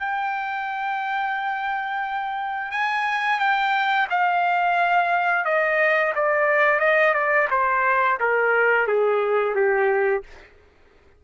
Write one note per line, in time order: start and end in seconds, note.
0.00 2.72 G5
2.72 3.40 G#5
3.40 4.08 G5
4.10 5.45 F5
5.45 6.14 D#5
6.16 6.80 D5
6.80 7.14 D#5
7.14 7.48 D5
7.51 8.19 C5
8.20 8.88 A#4
8.88 9.56 G#4
9.56 10.24 G4